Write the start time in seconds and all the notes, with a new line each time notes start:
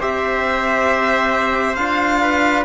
0.00 C4 G4 C5 E5
1.76 D4 F4 F5
2.22 B4